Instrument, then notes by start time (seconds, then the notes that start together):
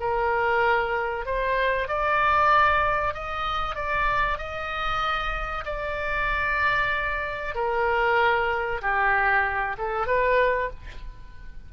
oboe
0.00 A#4
1.26 C5
1.88 D5
3.14 D#5
3.75 D5
4.38 D#5
5.66 D5
7.55 A#4
8.82 G4
9.78 A4
10.07 B4